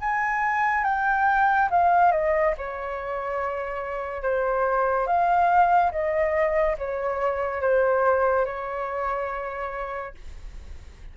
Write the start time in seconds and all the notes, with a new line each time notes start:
0.00 G#5
0.85 G5
1.71 F5
2.12 D#5
2.58 C#5
4.23 C5
5.07 F5
5.92 D#5
6.78 C#5
7.61 C5
8.45 C#5